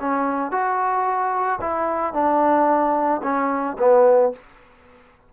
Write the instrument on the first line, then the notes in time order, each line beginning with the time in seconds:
trombone
0.00 C#4
0.51 F#4
1.61 E4
2.14 D4
3.23 C#4
3.79 B3